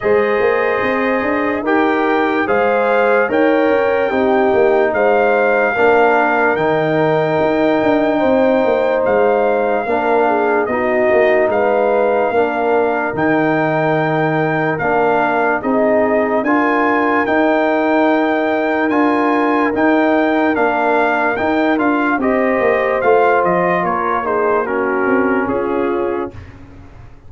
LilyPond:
<<
  \new Staff \with { instrumentName = "trumpet" } { \time 4/4 \tempo 4 = 73 dis''2 g''4 f''4 | g''2 f''2 | g''2. f''4~ | f''4 dis''4 f''2 |
g''2 f''4 dis''4 | gis''4 g''2 gis''4 | g''4 f''4 g''8 f''8 dis''4 | f''8 dis''8 cis''8 c''8 ais'4 gis'4 | }
  \new Staff \with { instrumentName = "horn" } { \time 4/4 c''2 ais'4 c''4 | cis''4 g'4 c''4 ais'4~ | ais'2 c''2 | ais'8 gis'8 fis'4 b'4 ais'4~ |
ais'2. gis'4 | ais'1~ | ais'2. c''4~ | c''4 ais'8 gis'8 fis'4 f'4 | }
  \new Staff \with { instrumentName = "trombone" } { \time 4/4 gis'2 g'4 gis'4 | ais'4 dis'2 d'4 | dis'1 | d'4 dis'2 d'4 |
dis'2 d'4 dis'4 | f'4 dis'2 f'4 | dis'4 d'4 dis'8 f'8 g'4 | f'4. dis'8 cis'2 | }
  \new Staff \with { instrumentName = "tuba" } { \time 4/4 gis8 ais8 c'8 d'8 dis'4 gis4 | dis'8 cis'8 c'8 ais8 gis4 ais4 | dis4 dis'8 d'8 c'8 ais8 gis4 | ais4 b8 ais8 gis4 ais4 |
dis2 ais4 c'4 | d'4 dis'2 d'4 | dis'4 ais4 dis'8 d'8 c'8 ais8 | a8 f8 ais4. c'8 cis'4 | }
>>